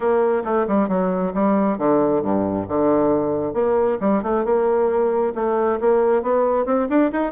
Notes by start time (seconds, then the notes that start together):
0.00 A#3
0.44 A3
0.67 G3
0.88 F#3
1.34 G3
1.78 D3
2.22 G2
2.68 D3
3.53 A#3
4.00 G3
4.22 A3
4.44 A#3
5.34 A3
5.80 A#3
6.22 B3
6.65 C4
6.89 D4
7.12 D#4